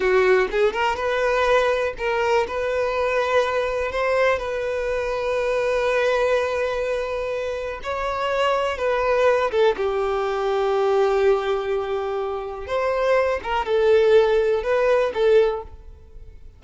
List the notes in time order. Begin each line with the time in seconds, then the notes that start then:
0.00 F#4
0.51 G#4
0.72 A#4
0.96 B4
1.98 A#4
2.47 B4
3.91 C5
4.39 B4
7.83 C#5
8.77 B4
9.51 A4
9.76 G4
12.66 C5
13.43 A#4
13.65 A4
14.63 B4
15.14 A4